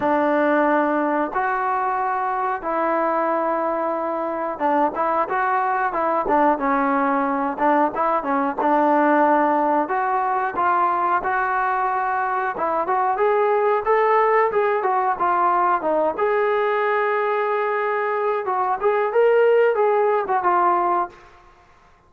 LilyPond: \new Staff \with { instrumentName = "trombone" } { \time 4/4 \tempo 4 = 91 d'2 fis'2 | e'2. d'8 e'8 | fis'4 e'8 d'8 cis'4. d'8 | e'8 cis'8 d'2 fis'4 |
f'4 fis'2 e'8 fis'8 | gis'4 a'4 gis'8 fis'8 f'4 | dis'8 gis'2.~ gis'8 | fis'8 gis'8 ais'4 gis'8. fis'16 f'4 | }